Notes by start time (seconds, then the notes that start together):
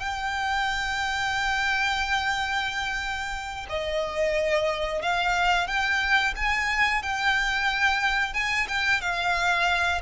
0.00 G5
3.69 D#5
5.02 F5
5.67 G5
6.36 G#5
7.02 G5
8.34 G#5
8.68 G5
9.01 F5